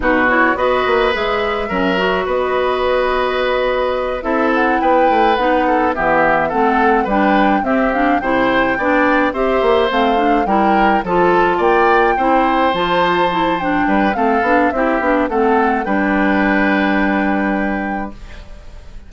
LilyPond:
<<
  \new Staff \with { instrumentName = "flute" } { \time 4/4 \tempo 4 = 106 b'8 cis''8 dis''4 e''2 | dis''2.~ dis''8 e''8 | fis''8 g''4 fis''4 e''4 fis''8~ | fis''8 g''4 e''8 f''8 g''4.~ |
g''8 e''4 f''4 g''4 a''8~ | a''8 g''2 a''4. | g''4 f''4 e''4 fis''4 | g''1 | }
  \new Staff \with { instrumentName = "oboe" } { \time 4/4 fis'4 b'2 ais'4 | b'2.~ b'8 a'8~ | a'8 b'4. a'8 g'4 a'8~ | a'8 b'4 g'4 c''4 d''8~ |
d''8 c''2 ais'4 a'8~ | a'8 d''4 c''2~ c''8~ | c''8 b'8 a'4 g'4 a'4 | b'1 | }
  \new Staff \with { instrumentName = "clarinet" } { \time 4/4 dis'8 e'8 fis'4 gis'4 cis'8 fis'8~ | fis'2.~ fis'8 e'8~ | e'4. dis'4 b4 c'8~ | c'8 d'4 c'8 d'8 e'4 d'8~ |
d'8 g'4 c'8 d'8 e'4 f'8~ | f'4. e'4 f'4 e'8 | d'4 c'8 d'8 e'8 d'8 c'4 | d'1 | }
  \new Staff \with { instrumentName = "bassoon" } { \time 4/4 b,4 b8 ais8 gis4 fis4 | b2.~ b8 c'8~ | c'8 b8 a8 b4 e4 a8~ | a8 g4 c'4 c4 b8~ |
b8 c'8 ais8 a4 g4 f8~ | f8 ais4 c'4 f4.~ | f8 g8 a8 b8 c'8 b8 a4 | g1 | }
>>